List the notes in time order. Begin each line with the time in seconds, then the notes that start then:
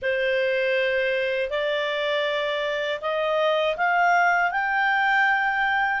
0.01 C5
1.50 D5
3.01 D#5
3.76 F5
4.51 G5